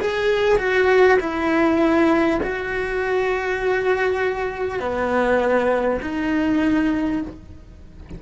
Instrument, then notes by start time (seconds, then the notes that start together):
cello
0.00 G#4
0.58 F#4
1.20 E4
2.42 F#4
4.79 B3
6.02 D#4